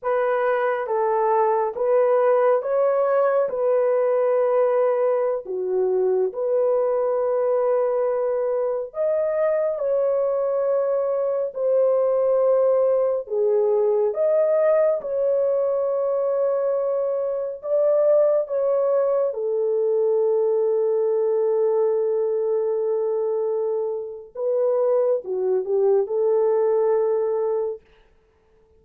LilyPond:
\new Staff \with { instrumentName = "horn" } { \time 4/4 \tempo 4 = 69 b'4 a'4 b'4 cis''4 | b'2~ b'16 fis'4 b'8.~ | b'2~ b'16 dis''4 cis''8.~ | cis''4~ cis''16 c''2 gis'8.~ |
gis'16 dis''4 cis''2~ cis''8.~ | cis''16 d''4 cis''4 a'4.~ a'16~ | a'1 | b'4 fis'8 g'8 a'2 | }